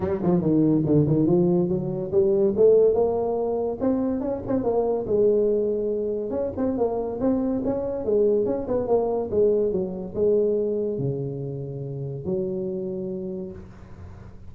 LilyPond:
\new Staff \with { instrumentName = "tuba" } { \time 4/4 \tempo 4 = 142 g8 f8 dis4 d8 dis8 f4 | fis4 g4 a4 ais4~ | ais4 c'4 cis'8 c'8 ais4 | gis2. cis'8 c'8 |
ais4 c'4 cis'4 gis4 | cis'8 b8 ais4 gis4 fis4 | gis2 cis2~ | cis4 fis2. | }